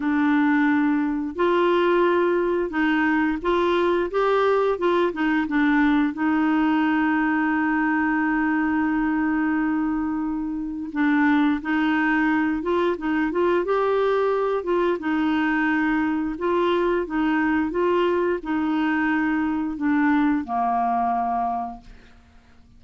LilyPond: \new Staff \with { instrumentName = "clarinet" } { \time 4/4 \tempo 4 = 88 d'2 f'2 | dis'4 f'4 g'4 f'8 dis'8 | d'4 dis'2.~ | dis'1 |
d'4 dis'4. f'8 dis'8 f'8 | g'4. f'8 dis'2 | f'4 dis'4 f'4 dis'4~ | dis'4 d'4 ais2 | }